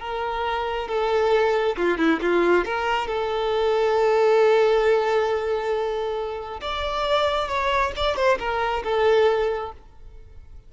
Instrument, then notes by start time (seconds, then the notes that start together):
violin
0.00 A#4
0.88 A4
1.77 F4
1.98 E4
2.21 F4
2.65 A#4
3.08 A4
6.61 D5
7.48 C#5
7.96 D5
8.16 C5
8.39 A#4
8.84 A4